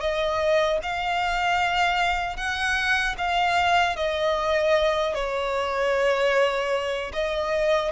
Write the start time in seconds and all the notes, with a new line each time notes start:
0.00 D#5
0.82 F5
2.36 F#5
3.18 F5
3.96 D#5
5.14 C#5
7.13 D#5